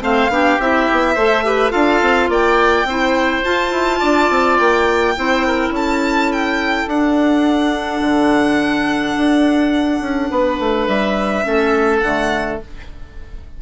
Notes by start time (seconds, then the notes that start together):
0.00 A3 C4 C5 F5
0.28 B3 D4 G4
0.59 C4 E4 E5
0.91 B3
1.14 A3 A4 C5
1.44 G4 B4
1.70 D4 F4 A4 F5
2.01 C4
2.29 A#3 D5 G5
2.84 C4 E4 C5
3.43 F4 A5
3.71 E4
3.99 D4 D5
4.30 C4
4.57 A#3 G5
5.16 C4 E4 C5
5.46 A#4
5.70 C#4 A4
5.76 A5
6.32 G5
6.87 D4 F#5
8.01 D3
9.17 D4
10.00 C#4
10.30 B3 B4
10.59 A3
10.87 G3 E5
11.43 A3 C#4 A4
11.99 D3 A3 F#5